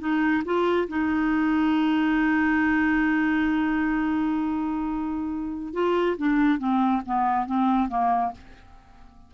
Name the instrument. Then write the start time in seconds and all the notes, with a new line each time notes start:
clarinet
0.00 D#4
0.45 F4
0.88 D#4
5.74 F4
6.18 D4
6.59 C4
7.06 B3
7.46 C4
7.89 A#3